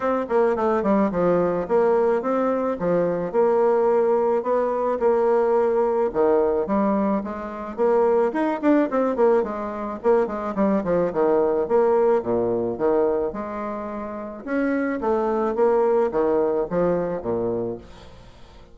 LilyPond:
\new Staff \with { instrumentName = "bassoon" } { \time 4/4 \tempo 4 = 108 c'8 ais8 a8 g8 f4 ais4 | c'4 f4 ais2 | b4 ais2 dis4 | g4 gis4 ais4 dis'8 d'8 |
c'8 ais8 gis4 ais8 gis8 g8 f8 | dis4 ais4 ais,4 dis4 | gis2 cis'4 a4 | ais4 dis4 f4 ais,4 | }